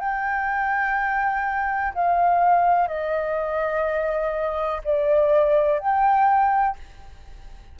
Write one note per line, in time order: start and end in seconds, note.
0.00 1.94 G5
1.94 2.88 F5
2.88 4.82 D#5
4.84 5.79 D5
5.79 6.76 G5